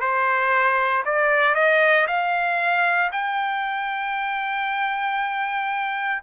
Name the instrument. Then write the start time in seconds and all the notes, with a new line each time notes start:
trumpet
0.00 C5
1.05 D5
1.55 D#5
2.07 F5
3.12 G5